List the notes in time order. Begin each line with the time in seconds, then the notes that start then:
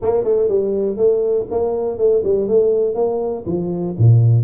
0.01 A#3
0.24 A3
0.48 G3
0.96 A3
1.50 A#3
1.97 A3
2.23 G3
2.48 A3
2.94 A#3
3.46 F3
3.98 A#2